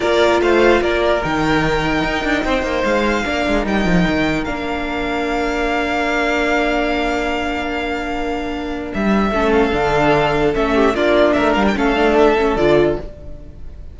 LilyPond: <<
  \new Staff \with { instrumentName = "violin" } { \time 4/4 \tempo 4 = 148 d''4 f''4 d''4 g''4~ | g''2. f''4~ | f''4 g''2 f''4~ | f''1~ |
f''1~ | f''2 e''4. f''8~ | f''2 e''4 d''4 | e''8 f''16 g''16 f''4 e''4 d''4 | }
  \new Staff \with { instrumentName = "violin" } { \time 4/4 ais'4 c''4 ais'2~ | ais'2 c''2 | ais'1~ | ais'1~ |
ais'1~ | ais'2. a'4~ | a'2~ a'8 g'8 f'4 | ais'4 a'2. | }
  \new Staff \with { instrumentName = "viola" } { \time 4/4 f'2. dis'4~ | dis'1 | d'4 dis'2 d'4~ | d'1~ |
d'1~ | d'2. cis'4 | d'2 cis'4 d'4~ | d'4 cis'8 d'4 cis'8 f'4 | }
  \new Staff \with { instrumentName = "cello" } { \time 4/4 ais4 a4 ais4 dis4~ | dis4 dis'8 d'8 c'8 ais8 gis4 | ais8 gis8 g8 f8 dis4 ais4~ | ais1~ |
ais1~ | ais2 g4 a4 | d2 a4 ais4 | a8 g8 a2 d4 | }
>>